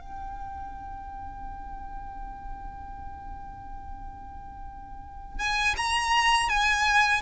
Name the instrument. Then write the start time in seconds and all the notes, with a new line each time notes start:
violin
0.00 G5
5.39 G#5
5.77 A#5
6.49 G#5